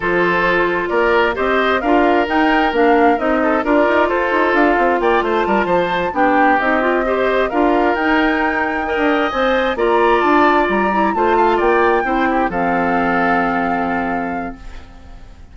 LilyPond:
<<
  \new Staff \with { instrumentName = "flute" } { \time 4/4 \tempo 4 = 132 c''2 d''4 dis''4 | f''4 g''4 f''4 dis''4 | d''4 c''4 f''4 g''8 a''8~ | a''4. g''4 dis''4.~ |
dis''8 f''4 g''2~ g''8~ | g''8 gis''4 ais''4 a''4 ais''8~ | ais''8 a''4 g''2 f''8~ | f''1 | }
  \new Staff \with { instrumentName = "oboe" } { \time 4/4 a'2 ais'4 c''4 | ais'2.~ ais'8 a'8 | ais'4 a'2 d''8 c''8 | ais'8 c''4 g'2 c''8~ |
c''8 ais'2. dis''8~ | dis''4. d''2~ d''8~ | d''8 c''8 f''8 d''4 c''8 g'8 a'8~ | a'1 | }
  \new Staff \with { instrumentName = "clarinet" } { \time 4/4 f'2. g'4 | f'4 dis'4 d'4 dis'4 | f'1~ | f'4. d'4 dis'8 f'8 g'8~ |
g'8 f'4 dis'2 ais'8~ | ais'8 c''4 f'2~ f'8 | e'8 f'2 e'4 c'8~ | c'1 | }
  \new Staff \with { instrumentName = "bassoon" } { \time 4/4 f2 ais4 c'4 | d'4 dis'4 ais4 c'4 | d'8 dis'8 f'8 dis'8 d'8 c'8 ais8 a8 | g8 f4 b4 c'4.~ |
c'8 d'4 dis'2~ dis'16 d'16~ | d'8 c'4 ais4 d'4 g8~ | g8 a4 ais4 c'4 f8~ | f1 | }
>>